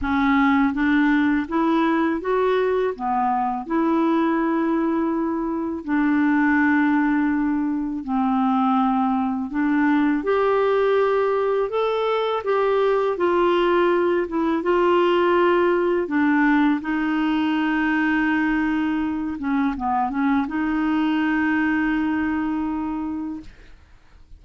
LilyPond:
\new Staff \with { instrumentName = "clarinet" } { \time 4/4 \tempo 4 = 82 cis'4 d'4 e'4 fis'4 | b4 e'2. | d'2. c'4~ | c'4 d'4 g'2 |
a'4 g'4 f'4. e'8 | f'2 d'4 dis'4~ | dis'2~ dis'8 cis'8 b8 cis'8 | dis'1 | }